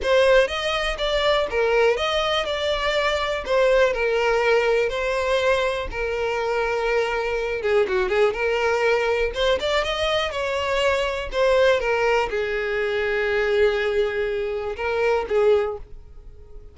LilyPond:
\new Staff \with { instrumentName = "violin" } { \time 4/4 \tempo 4 = 122 c''4 dis''4 d''4 ais'4 | dis''4 d''2 c''4 | ais'2 c''2 | ais'2.~ ais'8 gis'8 |
fis'8 gis'8 ais'2 c''8 d''8 | dis''4 cis''2 c''4 | ais'4 gis'2.~ | gis'2 ais'4 gis'4 | }